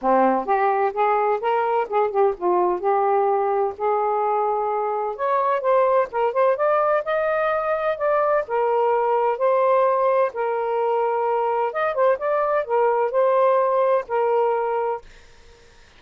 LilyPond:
\new Staff \with { instrumentName = "saxophone" } { \time 4/4 \tempo 4 = 128 c'4 g'4 gis'4 ais'4 | gis'8 g'8 f'4 g'2 | gis'2. cis''4 | c''4 ais'8 c''8 d''4 dis''4~ |
dis''4 d''4 ais'2 | c''2 ais'2~ | ais'4 dis''8 c''8 d''4 ais'4 | c''2 ais'2 | }